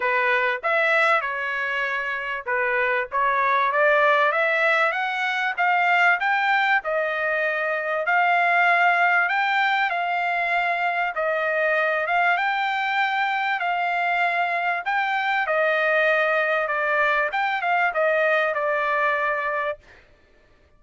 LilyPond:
\new Staff \with { instrumentName = "trumpet" } { \time 4/4 \tempo 4 = 97 b'4 e''4 cis''2 | b'4 cis''4 d''4 e''4 | fis''4 f''4 g''4 dis''4~ | dis''4 f''2 g''4 |
f''2 dis''4. f''8 | g''2 f''2 | g''4 dis''2 d''4 | g''8 f''8 dis''4 d''2 | }